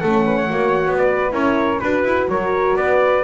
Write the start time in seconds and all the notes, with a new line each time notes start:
0.00 A3 C#4 A4 F#5
0.26 B4
0.37 C#5
0.48 A#3 F#4
0.87 B3
0.97 B4 D5
1.30 C#4 E4 A#4 C#5
1.80 D4 F#4 B4
2.04 E4
2.28 F#3 A#4 C#5
2.76 B3 B4 D5